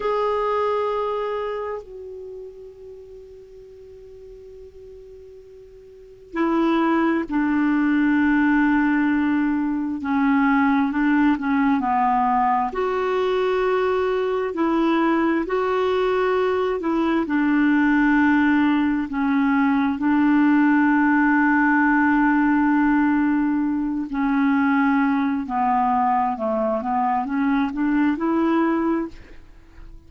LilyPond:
\new Staff \with { instrumentName = "clarinet" } { \time 4/4 \tempo 4 = 66 gis'2 fis'2~ | fis'2. e'4 | d'2. cis'4 | d'8 cis'8 b4 fis'2 |
e'4 fis'4. e'8 d'4~ | d'4 cis'4 d'2~ | d'2~ d'8 cis'4. | b4 a8 b8 cis'8 d'8 e'4 | }